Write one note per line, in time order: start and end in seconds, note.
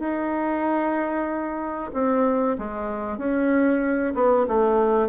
0.00 1.91 D#4
1.94 2.58 C4
2.59 3.19 G#3
3.19 4.14 C#4
4.15 4.47 B3
4.48 5.09 A3